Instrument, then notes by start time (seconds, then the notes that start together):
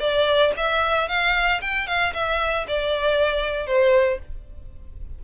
violin
0.00 D5
0.57 E5
1.09 F5
1.61 G5
1.87 F5
2.14 E5
2.68 D5
3.67 C5